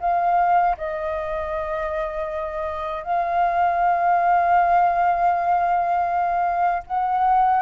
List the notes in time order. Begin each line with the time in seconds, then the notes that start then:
0.00 F5
0.77 D#5
3.03 F5
6.87 F#5